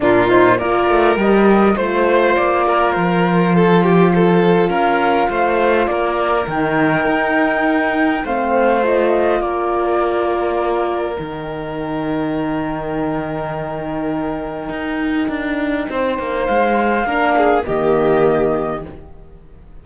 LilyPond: <<
  \new Staff \with { instrumentName = "flute" } { \time 4/4 \tempo 4 = 102 ais'8 c''8 d''4 dis''4 c''4 | d''4 c''2. | f''2 d''4 g''4~ | g''2 f''4 dis''4 |
d''2. g''4~ | g''1~ | g''1 | f''2 dis''2 | }
  \new Staff \with { instrumentName = "violin" } { \time 4/4 f'4 ais'2 c''4~ | c''8 ais'4. a'8 g'8 a'4 | ais'4 c''4 ais'2~ | ais'2 c''2 |
ais'1~ | ais'1~ | ais'2. c''4~ | c''4 ais'8 gis'8 g'2 | }
  \new Staff \with { instrumentName = "horn" } { \time 4/4 d'8 dis'8 f'4 g'4 f'4~ | f'1~ | f'2. dis'4~ | dis'2 c'4 f'4~ |
f'2. dis'4~ | dis'1~ | dis'1~ | dis'4 d'4 ais2 | }
  \new Staff \with { instrumentName = "cello" } { \time 4/4 ais,4 ais8 a8 g4 a4 | ais4 f2. | cis'4 a4 ais4 dis4 | dis'2 a2 |
ais2. dis4~ | dis1~ | dis4 dis'4 d'4 c'8 ais8 | gis4 ais4 dis2 | }
>>